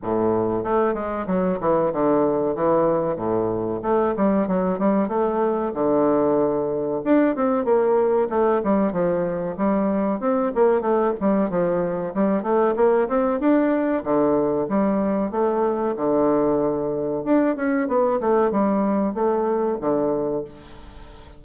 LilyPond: \new Staff \with { instrumentName = "bassoon" } { \time 4/4 \tempo 4 = 94 a,4 a8 gis8 fis8 e8 d4 | e4 a,4 a8 g8 fis8 g8 | a4 d2 d'8 c'8 | ais4 a8 g8 f4 g4 |
c'8 ais8 a8 g8 f4 g8 a8 | ais8 c'8 d'4 d4 g4 | a4 d2 d'8 cis'8 | b8 a8 g4 a4 d4 | }